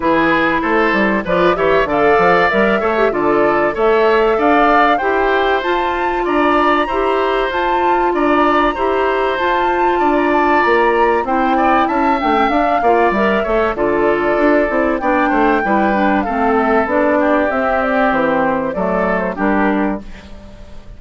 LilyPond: <<
  \new Staff \with { instrumentName = "flute" } { \time 4/4 \tempo 4 = 96 b'4 c''4 d''8 e''8 f''4 | e''4 d''4 e''4 f''4 | g''4 a''4 ais''2 | a''4 ais''2 a''4~ |
a''16 ais''16 a''8 ais''4 g''4 a''8 g''8 | f''4 e''4 d''2 | g''2 f''8 e''8 d''4 | e''8 d''8 c''4 d''8. c''16 ais'4 | }
  \new Staff \with { instrumentName = "oboe" } { \time 4/4 gis'4 a'4 b'8 cis''8 d''4~ | d''8 cis''8 a'4 cis''4 d''4 | c''2 d''4 c''4~ | c''4 d''4 c''2 |
d''2 c''8 d''8 e''4~ | e''8 d''4 cis''8 a'2 | d''8 c''8 b'4 a'4. g'8~ | g'2 a'4 g'4 | }
  \new Staff \with { instrumentName = "clarinet" } { \time 4/4 e'2 f'8 g'8 a'4 | ais'8 a'16 g'16 f'4 a'2 | g'4 f'2 g'4 | f'2 g'4 f'4~ |
f'2 e'4. d'16 cis'16 | d'8 f'8 ais'8 a'8 f'4. e'8 | d'4 e'8 d'8 c'4 d'4 | c'2 a4 d'4 | }
  \new Staff \with { instrumentName = "bassoon" } { \time 4/4 e4 a8 g8 f8 e8 d8 f8 | g8 a8 d4 a4 d'4 | e'4 f'4 d'4 e'4 | f'4 d'4 e'4 f'4 |
d'4 ais4 c'4 cis'8 a8 | d'8 ais8 g8 a8 d4 d'8 c'8 | b8 a8 g4 a4 b4 | c'4 e4 fis4 g4 | }
>>